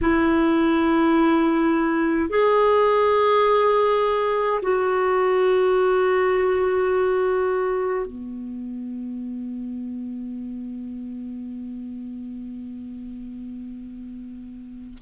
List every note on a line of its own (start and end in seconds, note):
0.01 2.29 E4
2.29 4.60 G#4
4.62 8.06 F#4
8.06 14.98 B3